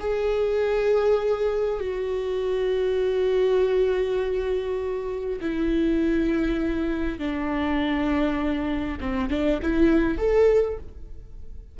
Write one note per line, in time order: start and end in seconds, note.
0.00 1.80 G#4
1.80 5.40 F#4
5.41 7.19 E4
7.19 8.99 D4
9.00 9.30 C4
9.30 9.60 D4
9.62 10.18 E4
10.18 10.78 A4